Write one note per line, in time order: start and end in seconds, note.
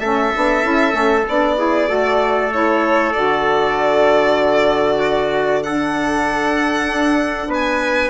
0.00 0.32 A3
0.00 0.33 C#4
0.00 1.57 A4
0.00 1.25 E5
0.35 0.64 B3
0.35 0.64 D4
0.64 0.93 C#4
0.64 0.92 E4
0.92 1.24 A3
0.92 1.23 C#4
1.29 1.90 B3
1.29 1.58 D4
1.29 2.53 D5
1.58 1.88 E4
1.58 1.89 G#4
1.88 3.15 A3
1.88 2.50 F#4
1.88 4.99 A4
2.51 3.14 E4
2.51 3.13 C#5
3.13 6.88 D3
3.13 5.64 F#4
3.13 5.63 D5
4.99 5.61 F#4
5.64 8.11 D4
5.64 7.50 A4
5.64 7.51 F#5
6.88 7.48 D4
7.48 8.10 B3
7.48 8.11 B4
7.54 8.11 G#5